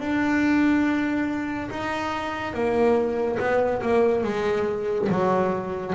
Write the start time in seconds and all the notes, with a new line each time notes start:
0.00 D4
1.70 D#4
2.54 A#3
3.39 B3
3.81 A#3
4.23 G#3
5.09 F#3